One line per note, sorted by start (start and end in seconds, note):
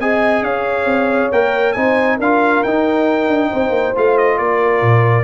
0.00 0.42 C4
0.00 1.33 G#4
0.00 0.44 D#5
0.00 0.44 G#5
0.42 0.85 C#4
0.42 1.75 C#5
0.42 1.32 F5
0.85 1.29 C4
1.32 1.76 A#3
1.32 1.76 A#4
1.32 1.73 G5
1.73 2.20 C4
1.73 2.20 D#4
1.73 2.17 C5
1.73 2.17 G#5
2.17 2.64 D4
2.17 2.66 F4
2.17 3.49 A#4
2.17 2.64 F5
2.64 3.28 D#4
2.64 3.96 D#4
2.64 3.95 G5
3.28 3.50 D4
3.50 3.70 C4
3.50 4.38 C5
3.70 3.92 A#3
3.96 4.39 A3
3.96 5.24 F4
3.96 4.18 F5
4.18 4.38 D#5
4.38 4.82 A#3
4.38 5.24 A#4
4.38 5.24 D5
4.82 5.24 A#2